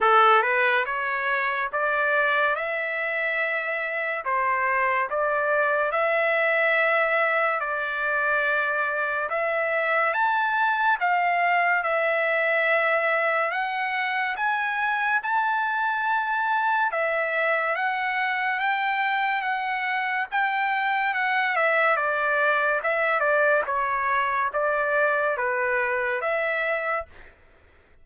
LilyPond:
\new Staff \with { instrumentName = "trumpet" } { \time 4/4 \tempo 4 = 71 a'8 b'8 cis''4 d''4 e''4~ | e''4 c''4 d''4 e''4~ | e''4 d''2 e''4 | a''4 f''4 e''2 |
fis''4 gis''4 a''2 | e''4 fis''4 g''4 fis''4 | g''4 fis''8 e''8 d''4 e''8 d''8 | cis''4 d''4 b'4 e''4 | }